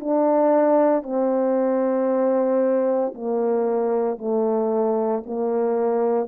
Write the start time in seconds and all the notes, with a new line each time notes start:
0.00 D4
1.03 C4
3.14 A#3
4.18 A3
5.26 A#3